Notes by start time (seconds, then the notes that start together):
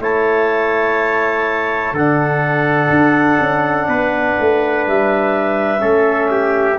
0.00 A3 E4 C#5 A5
1.93 D3 D4 A4 F#5
2.90 D4
3.41 C#4
3.88 B3 B4
4.40 A3
4.87 G3 E5
5.79 A3 C#4 A4
6.32 G4